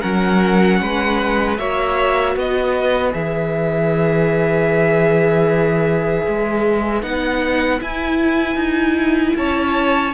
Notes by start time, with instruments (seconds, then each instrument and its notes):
0.00 cello F#3, viola C#4, violin A#4 F#5
0.81 cello G#3, violin B4
1.58 cello A#3, viola F#4, violin C#5 E5
2.35 cello B3, violin B4 D#5
3.11 cello E3, viola G#4, violin E5
6.27 cello G#3
7.02 cello B3, viola D#4, violin F#5
7.79 viola E4, cello E4, violin G#5
8.55 cello D#4
9.36 cello C#4, violin C#5 A5